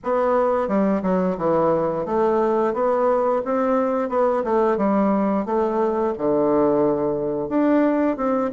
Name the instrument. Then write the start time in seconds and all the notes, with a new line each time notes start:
bassoon
0.03 B3
0.68 G3
1.02 F#3
1.37 E3
2.05 A3
2.73 B3
3.44 C4
4.09 B3
4.43 A3
4.77 G3
5.45 A3
6.18 D3
7.48 D4
8.16 C4